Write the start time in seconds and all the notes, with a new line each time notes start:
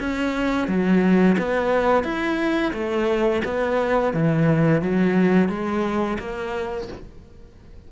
0.00 C#4
0.68 F#3
1.38 B3
2.04 E4
2.73 A3
3.45 B3
4.13 E3
4.82 F#3
5.49 G#3
6.19 A#3